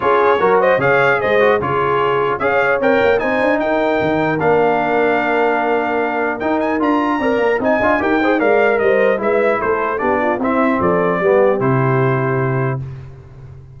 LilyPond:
<<
  \new Staff \with { instrumentName = "trumpet" } { \time 4/4 \tempo 4 = 150 cis''4. dis''8 f''4 dis''4 | cis''2 f''4 g''4 | gis''4 g''2 f''4~ | f''1 |
g''8 gis''8 ais''2 gis''4 | g''4 f''4 dis''4 e''4 | c''4 d''4 e''4 d''4~ | d''4 c''2. | }
  \new Staff \with { instrumentName = "horn" } { \time 4/4 gis'4 ais'8 c''8 cis''4 c''4 | gis'2 cis''2 | c''4 ais'2.~ | ais'1~ |
ais'2 d''4 dis''4 | ais'8 c''8 d''4 c''4 b'4 | a'4 g'8 f'8 e'4 a'4 | g'1 | }
  \new Staff \with { instrumentName = "trombone" } { \time 4/4 f'4 fis'4 gis'4. fis'8 | f'2 gis'4 ais'4 | dis'2. d'4~ | d'1 |
dis'4 f'4 ais'4 dis'8 f'8 | g'8 gis'8 ais'2 e'4~ | e'4 d'4 c'2 | b4 e'2. | }
  \new Staff \with { instrumentName = "tuba" } { \time 4/4 cis'4 fis4 cis4 gis4 | cis2 cis'4 c'8 ais8 | c'8 d'8 dis'4 dis4 ais4~ | ais1 |
dis'4 d'4 c'8 ais8 c'8 d'8 | dis'4 gis4 g4 gis4 | a4 b4 c'4 f4 | g4 c2. | }
>>